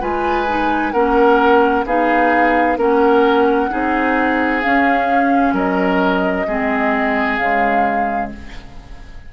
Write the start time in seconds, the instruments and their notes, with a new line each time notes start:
0.00 bassoon G#3, clarinet F4, oboe B4, flute G#5
0.47 clarinet D#4
0.92 bassoon A#3, clarinet C#4, oboe A#4, flute F#5
1.85 bassoon B3, clarinet D#4, oboe G#4, flute F5
2.77 bassoon A#3, clarinet C#4, oboe A#4, flute F#5
3.69 bassoon C4, clarinet D#4, oboe G#4
4.62 clarinet C#4, bassoon C#4, flute F5
5.53 bassoon F#3, oboe A#4, flute D#5
6.47 bassoon G#3, clarinet C4, oboe G#4
7.36 bassoon C#3, clarinet G#3, flute F5